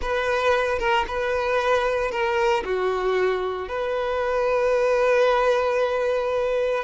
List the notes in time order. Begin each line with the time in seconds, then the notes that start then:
0.01 B4
0.78 A#4
1.07 B4
2.11 A#4
2.64 F#4
3.68 B4